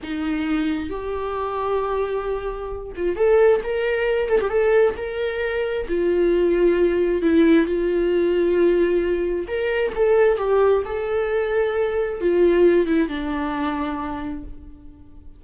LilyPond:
\new Staff \with { instrumentName = "viola" } { \time 4/4 \tempo 4 = 133 dis'2 g'2~ | g'2~ g'8 f'8 a'4 | ais'4. a'16 g'16 a'4 ais'4~ | ais'4 f'2. |
e'4 f'2.~ | f'4 ais'4 a'4 g'4 | a'2. f'4~ | f'8 e'8 d'2. | }